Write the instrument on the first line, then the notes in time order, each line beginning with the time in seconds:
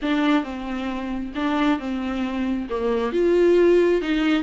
viola
0.02 D4
0.43 C4
1.35 D4
1.79 C4
2.69 A#3
3.12 F4
4.01 D#4